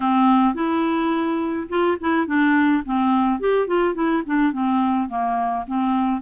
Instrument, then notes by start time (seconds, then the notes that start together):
clarinet
0.00 C4
0.54 E4
1.69 F4
2.00 E4
2.26 D4
2.85 C4
3.40 G4
3.67 F4
3.94 E4
4.26 D4
4.52 C4
5.08 A#3
5.67 C4